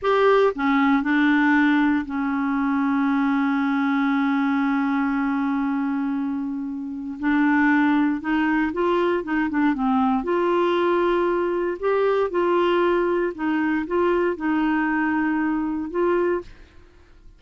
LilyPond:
\new Staff \with { instrumentName = "clarinet" } { \time 4/4 \tempo 4 = 117 g'4 cis'4 d'2 | cis'1~ | cis'1~ | cis'2 d'2 |
dis'4 f'4 dis'8 d'8 c'4 | f'2. g'4 | f'2 dis'4 f'4 | dis'2. f'4 | }